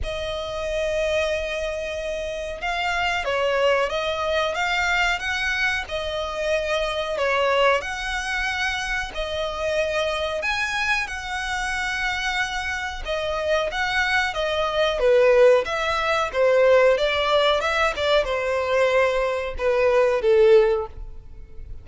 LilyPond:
\new Staff \with { instrumentName = "violin" } { \time 4/4 \tempo 4 = 92 dis''1 | f''4 cis''4 dis''4 f''4 | fis''4 dis''2 cis''4 | fis''2 dis''2 |
gis''4 fis''2. | dis''4 fis''4 dis''4 b'4 | e''4 c''4 d''4 e''8 d''8 | c''2 b'4 a'4 | }